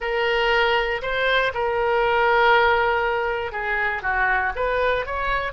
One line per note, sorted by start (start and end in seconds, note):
0.00 1.01 A#4
1.02 1.52 C5
1.54 3.52 A#4
3.52 4.02 G#4
4.02 4.52 F#4
4.55 5.06 B4
5.06 5.52 C#5